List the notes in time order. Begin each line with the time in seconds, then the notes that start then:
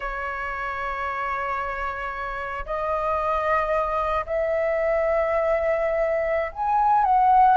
0.00 C#5
2.65 D#5
4.26 E5
6.51 G#5
7.04 F#5